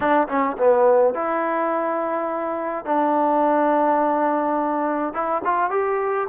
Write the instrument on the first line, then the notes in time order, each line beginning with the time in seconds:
trombone
0.00 D4
0.28 C#4
0.57 B3
1.14 E4
2.85 D4
5.13 E4
5.44 F4
5.70 G4